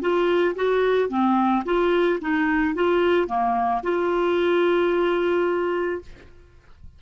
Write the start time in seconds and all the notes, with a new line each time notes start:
0.00 F4
0.55 F#4
1.09 C4
1.65 F4
2.21 D#4
2.74 F4
3.27 A#3
3.83 F4